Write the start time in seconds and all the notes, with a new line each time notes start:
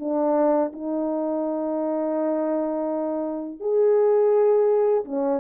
0.00 D4
0.73 D#4
3.60 G#4
5.05 C#4